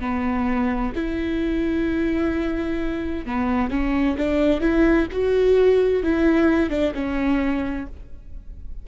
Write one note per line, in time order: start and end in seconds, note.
0.00 0.92 B3
0.95 3.26 E4
3.26 3.70 B3
3.70 4.16 C#4
4.17 4.61 D4
4.61 5.07 E4
5.12 6.03 F#4
6.03 6.70 E4
6.70 6.93 D4
6.94 7.86 C#4